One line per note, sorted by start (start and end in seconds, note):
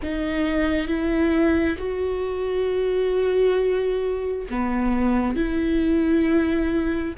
0.02 0.87 D#4
0.87 1.77 E4
1.77 4.46 F#4
4.50 5.35 B3
5.35 7.14 E4